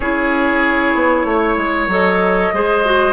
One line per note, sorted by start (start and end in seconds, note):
0.00 0.94 C#4
0.00 1.91 E4
0.00 1.26 G#4
0.00 1.88 C#5
0.94 1.24 B3
1.24 1.56 A3
1.24 2.54 C#5
1.56 1.87 G#3
1.87 2.50 F#3
1.87 2.54 A4
1.87 3.12 D#5
2.53 3.12 G#3
2.53 2.85 G#4
2.53 3.12 C5
2.85 3.12 F#4